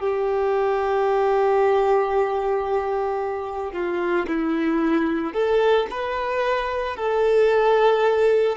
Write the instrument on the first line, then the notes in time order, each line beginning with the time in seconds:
violin
0.00 G4
3.73 F4
4.28 E4
5.34 A4
5.91 B4
6.97 A4